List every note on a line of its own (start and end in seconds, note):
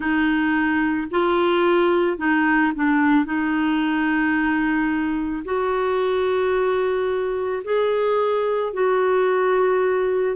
0.00 1.07 D#4
1.10 2.17 F4
2.17 2.72 D#4
2.75 3.25 D4
3.25 5.43 D#4
5.44 7.63 F#4
7.64 8.73 G#4
8.73 10.36 F#4